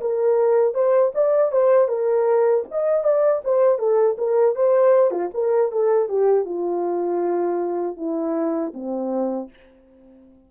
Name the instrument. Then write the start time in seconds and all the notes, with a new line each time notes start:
horn
0.00 A#4
0.74 C5
1.14 D5
1.52 C5
1.88 A#4
2.70 D#5
3.03 D5
3.44 C5
3.78 A4
4.18 A#4
4.55 C5
5.11 F4
5.34 A#4
5.71 A4
6.08 G4
6.45 F4
7.96 E4
8.73 C4